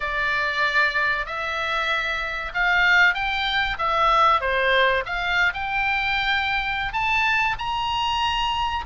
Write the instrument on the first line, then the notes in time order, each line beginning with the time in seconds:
oboe
0.00 D5
1.26 E5
2.53 F5
3.14 G5
3.78 E5
4.40 C5
5.05 F5
5.53 G5
6.92 A5
7.58 A#5